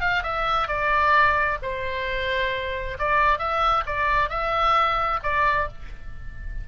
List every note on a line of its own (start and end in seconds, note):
0.00 0.23 F5
0.23 0.67 E5
0.67 1.58 D5
1.62 2.97 C5
2.98 3.38 D5
3.38 3.83 E5
3.86 4.29 D5
4.29 5.19 E5
5.23 5.68 D5